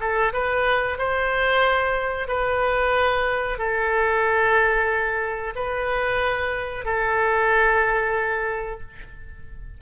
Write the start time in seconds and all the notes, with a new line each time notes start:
0.00 A4
0.33 B4
0.98 C5
2.28 B4
3.58 A4
5.55 B4
6.85 A4